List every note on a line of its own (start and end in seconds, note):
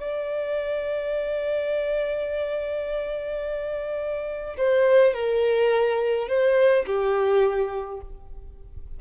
0.00 4.57 D5
4.58 5.14 C5
5.14 6.29 A#4
6.29 6.86 C5
6.86 8.01 G4